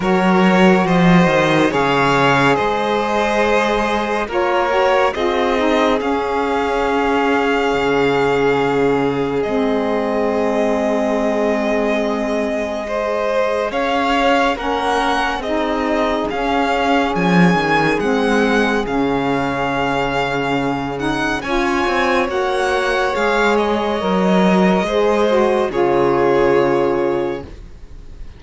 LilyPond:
<<
  \new Staff \with { instrumentName = "violin" } { \time 4/4 \tempo 4 = 70 cis''4 dis''4 f''4 dis''4~ | dis''4 cis''4 dis''4 f''4~ | f''2. dis''4~ | dis''1 |
f''4 fis''4 dis''4 f''4 | gis''4 fis''4 f''2~ | f''8 fis''8 gis''4 fis''4 f''8 dis''8~ | dis''2 cis''2 | }
  \new Staff \with { instrumentName = "violin" } { \time 4/4 ais'4 c''4 cis''4 c''4~ | c''4 ais'4 gis'2~ | gis'1~ | gis'2. c''4 |
cis''4 ais'4 gis'2~ | gis'1~ | gis'4 cis''2.~ | cis''4 c''4 gis'2 | }
  \new Staff \with { instrumentName = "saxophone" } { \time 4/4 fis'2 gis'2~ | gis'4 f'8 fis'8 f'8 dis'8 cis'4~ | cis'2. c'4~ | c'2. gis'4~ |
gis'4 cis'4 dis'4 cis'4~ | cis'4 c'4 cis'2~ | cis'8 dis'8 f'4 fis'4 gis'4 | ais'4 gis'8 fis'8 f'2 | }
  \new Staff \with { instrumentName = "cello" } { \time 4/4 fis4 f8 dis8 cis4 gis4~ | gis4 ais4 c'4 cis'4~ | cis'4 cis2 gis4~ | gis1 |
cis'4 ais4 c'4 cis'4 | f8 dis8 gis4 cis2~ | cis4 cis'8 c'8 ais4 gis4 | fis4 gis4 cis2 | }
>>